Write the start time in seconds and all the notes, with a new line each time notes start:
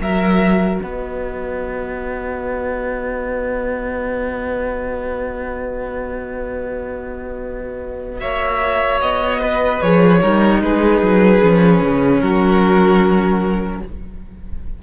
0.00 F#3 F#4 A#4 E5
0.80 B3 B4 D#5
8.20 A#3 C#5 E5
9.01 B3 D#5
9.39 B4
9.81 F3 G#4 C#5
10.21 G3 D#4 A#4
10.62 G#3 G#4 B4
11.01 F#3
11.41 F3 C#4
11.81 C#3
12.20 F#3 F#4 A#4